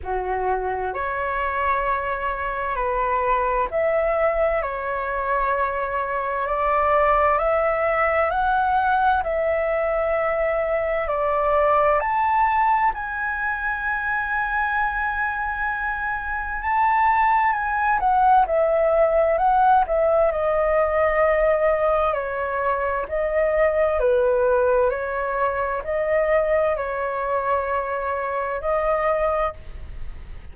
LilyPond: \new Staff \with { instrumentName = "flute" } { \time 4/4 \tempo 4 = 65 fis'4 cis''2 b'4 | e''4 cis''2 d''4 | e''4 fis''4 e''2 | d''4 a''4 gis''2~ |
gis''2 a''4 gis''8 fis''8 | e''4 fis''8 e''8 dis''2 | cis''4 dis''4 b'4 cis''4 | dis''4 cis''2 dis''4 | }